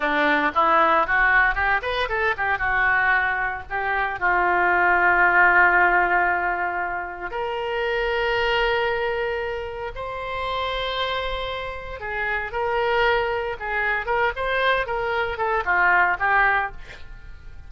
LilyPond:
\new Staff \with { instrumentName = "oboe" } { \time 4/4 \tempo 4 = 115 d'4 e'4 fis'4 g'8 b'8 | a'8 g'8 fis'2 g'4 | f'1~ | f'2 ais'2~ |
ais'2. c''4~ | c''2. gis'4 | ais'2 gis'4 ais'8 c''8~ | c''8 ais'4 a'8 f'4 g'4 | }